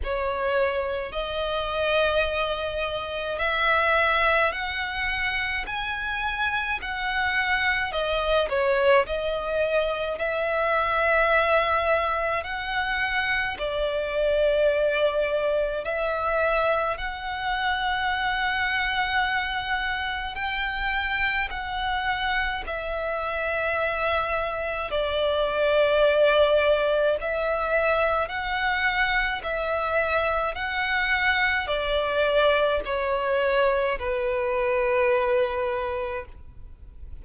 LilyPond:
\new Staff \with { instrumentName = "violin" } { \time 4/4 \tempo 4 = 53 cis''4 dis''2 e''4 | fis''4 gis''4 fis''4 dis''8 cis''8 | dis''4 e''2 fis''4 | d''2 e''4 fis''4~ |
fis''2 g''4 fis''4 | e''2 d''2 | e''4 fis''4 e''4 fis''4 | d''4 cis''4 b'2 | }